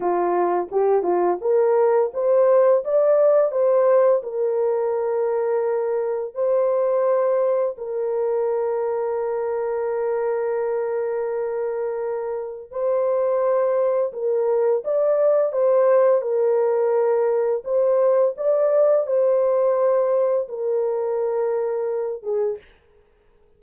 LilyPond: \new Staff \with { instrumentName = "horn" } { \time 4/4 \tempo 4 = 85 f'4 g'8 f'8 ais'4 c''4 | d''4 c''4 ais'2~ | ais'4 c''2 ais'4~ | ais'1~ |
ais'2 c''2 | ais'4 d''4 c''4 ais'4~ | ais'4 c''4 d''4 c''4~ | c''4 ais'2~ ais'8 gis'8 | }